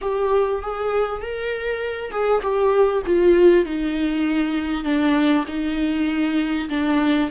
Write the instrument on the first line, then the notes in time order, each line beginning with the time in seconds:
viola
0.01 G4
0.62 G#4
1.21 A#4
2.11 G#4
2.41 G4
3.06 F4
3.65 D#4
4.84 D4
5.47 D#4
6.69 D4